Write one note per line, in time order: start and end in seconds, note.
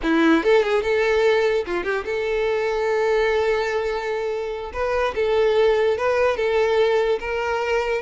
0.02 0.43 E4
0.43 0.63 A4
0.63 0.82 G#4
0.82 1.64 A4
1.66 1.84 F4
1.84 2.04 G4
2.05 4.72 A4
4.73 5.14 B4
5.15 5.97 A4
5.97 6.36 B4
6.36 7.19 A4
7.20 8.01 A#4